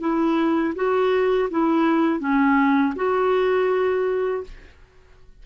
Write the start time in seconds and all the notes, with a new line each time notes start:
0.00 E4
0.75 F#4
1.51 E4
2.20 C#4
2.96 F#4